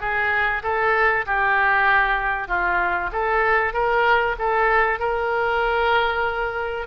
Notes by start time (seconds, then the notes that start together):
0.00 G#4
0.63 A4
1.26 G4
2.48 F4
3.12 A4
3.73 A#4
4.39 A4
5.00 A#4